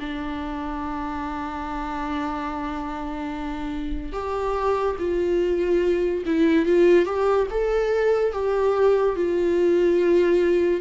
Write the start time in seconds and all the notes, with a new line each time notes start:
0.00 D4
4.13 G4
4.99 F4
6.26 E4
6.66 F4
7.06 G4
7.51 A4
8.33 G4
9.16 F4